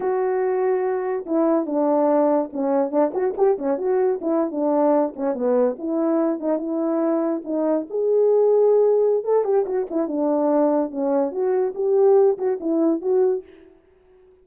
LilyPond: \new Staff \with { instrumentName = "horn" } { \time 4/4 \tempo 4 = 143 fis'2. e'4 | d'2 cis'4 d'8 fis'8 | g'8 cis'8 fis'4 e'8. d'4~ d'16~ | d'16 cis'8 b4 e'4. dis'8 e'16~ |
e'4.~ e'16 dis'4 gis'4~ gis'16~ | gis'2 a'8 g'8 fis'8 e'8 | d'2 cis'4 fis'4 | g'4. fis'8 e'4 fis'4 | }